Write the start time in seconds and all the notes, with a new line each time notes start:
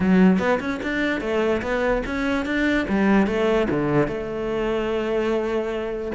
0.00 F#3
0.38 B3
0.60 C#4
0.82 D4
1.20 A3
1.61 B3
2.05 C#4
2.45 D4
2.88 G3
3.27 A3
3.69 D3
4.07 A3